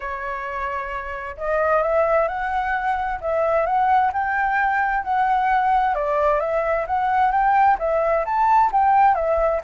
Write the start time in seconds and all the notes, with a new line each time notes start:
0.00 C#5
1.37 D#5
1.82 E5
2.28 F#5
3.21 E5
3.66 F#5
4.12 G5
5.03 F#5
5.95 D5
6.40 E5
6.86 F#5
7.31 G5
7.79 E5
8.25 A5
8.71 G5
9.14 E5